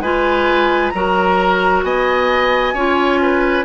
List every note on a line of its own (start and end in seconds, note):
0.00 0.91 G#3
0.00 0.94 F4
0.00 0.93 B4
0.00 0.89 G#5
0.89 1.83 F#3
0.89 2.76 F#4
0.89 1.85 A#4
0.89 1.80 A#5
1.83 2.73 B3
1.83 2.74 D#5
1.83 3.64 G#5
2.73 3.64 C#4
2.73 3.64 F4
2.73 3.20 C#5
3.22 3.64 B4